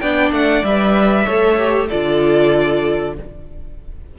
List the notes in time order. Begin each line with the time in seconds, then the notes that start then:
0.00 B3 D4 D5 G5
0.31 A3 F#5
0.63 G3 B4 E5
1.25 A3 A4 C#5
1.58 G4
1.88 D3 F4 A4 D5